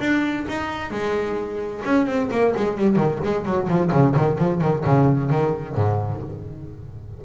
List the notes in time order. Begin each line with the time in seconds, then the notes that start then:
0.00 D4
0.49 D#4
0.91 G#3
1.85 C#4
2.07 C4
2.31 A#3
2.56 G#3
2.78 G3
2.96 D#3
3.25 G#3
3.45 F#3
3.68 F3
3.92 C#3
4.17 D#3
4.38 F3
4.62 D#3
4.85 C#3
5.30 D#3
5.75 G#2